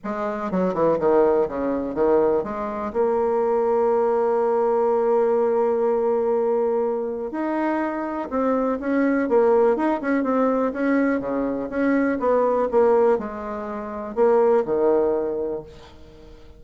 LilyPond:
\new Staff \with { instrumentName = "bassoon" } { \time 4/4 \tempo 4 = 123 gis4 fis8 e8 dis4 cis4 | dis4 gis4 ais2~ | ais1~ | ais2. dis'4~ |
dis'4 c'4 cis'4 ais4 | dis'8 cis'8 c'4 cis'4 cis4 | cis'4 b4 ais4 gis4~ | gis4 ais4 dis2 | }